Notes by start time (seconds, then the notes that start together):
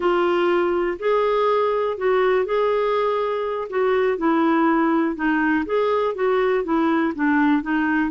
0.00 F4
0.99 G#4
1.97 F#4
2.45 G#4
3.69 F#4
4.17 E4
5.15 D#4
5.65 G#4
6.15 F#4
6.63 E4
7.15 D4
7.62 D#4